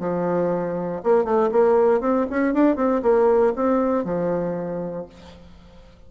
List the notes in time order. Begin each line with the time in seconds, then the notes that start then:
0.00 F3
1.04 A#3
1.25 A3
1.52 A#3
2.01 C4
2.30 C#4
2.54 D4
2.76 C4
3.03 A#3
3.56 C4
4.04 F3